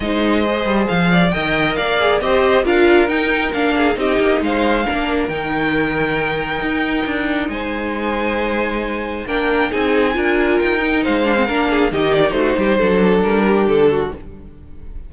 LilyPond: <<
  \new Staff \with { instrumentName = "violin" } { \time 4/4 \tempo 4 = 136 dis''2 f''4 g''4 | f''4 dis''4 f''4 g''4 | f''4 dis''4 f''2 | g''1~ |
g''4 gis''2.~ | gis''4 g''4 gis''2 | g''4 f''2 dis''8 d''8 | c''2 ais'4 a'4 | }
  \new Staff \with { instrumentName = "violin" } { \time 4/4 c''2~ c''8 d''8 dis''4 | d''4 c''4 ais'2~ | ais'8 gis'8 g'4 c''4 ais'4~ | ais'1~ |
ais'4 c''2.~ | c''4 ais'4 gis'4 ais'4~ | ais'4 c''4 ais'8 gis'8 g'4 | fis'8 g'8 a'4. g'4 fis'8 | }
  \new Staff \with { instrumentName = "viola" } { \time 4/4 dis'4 gis'2 ais'4~ | ais'8 gis'8 g'4 f'4 dis'4 | d'4 dis'2 d'4 | dis'1~ |
dis'1~ | dis'4 d'4 dis'4 f'4~ | f'8 dis'4 d'16 c'16 d'4 dis'4~ | dis'4 d'2. | }
  \new Staff \with { instrumentName = "cello" } { \time 4/4 gis4. g8 f4 dis4 | ais4 c'4 d'4 dis'4 | ais4 c'8 ais8 gis4 ais4 | dis2. dis'4 |
d'4 gis2.~ | gis4 ais4 c'4 d'4 | dis'4 gis4 ais4 dis4 | a8 g8 fis4 g4 d4 | }
>>